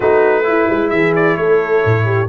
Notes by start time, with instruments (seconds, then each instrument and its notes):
0.00 tuba A3, trombone D#4, horn F#4, trumpet B4
0.43 trombone E4, horn E4
0.69 tuba G#3
0.90 tuba E3, horn G#4, trumpet E5
1.15 trumpet D5
1.36 tuba A3, horn A4, trumpet C#5
1.84 tuba A2
2.05 horn G4